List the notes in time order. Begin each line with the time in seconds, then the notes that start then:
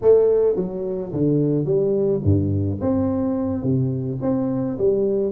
0.01 A3
0.55 F#3
1.12 D3
1.65 G3
2.24 G2
2.81 C4
3.62 C3
4.21 C4
4.78 G3